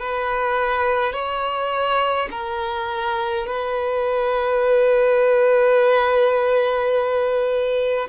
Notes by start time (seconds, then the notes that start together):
0.00 B4
1.13 C#5
2.31 A#4
3.47 B4